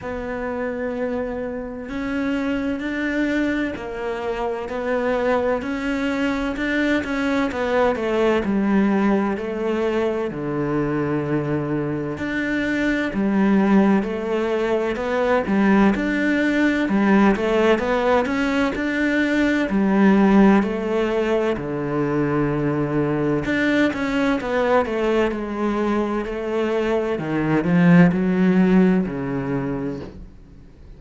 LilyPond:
\new Staff \with { instrumentName = "cello" } { \time 4/4 \tempo 4 = 64 b2 cis'4 d'4 | ais4 b4 cis'4 d'8 cis'8 | b8 a8 g4 a4 d4~ | d4 d'4 g4 a4 |
b8 g8 d'4 g8 a8 b8 cis'8 | d'4 g4 a4 d4~ | d4 d'8 cis'8 b8 a8 gis4 | a4 dis8 f8 fis4 cis4 | }